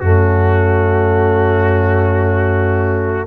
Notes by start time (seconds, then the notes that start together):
0.00 F#2 A3 C#4 F#4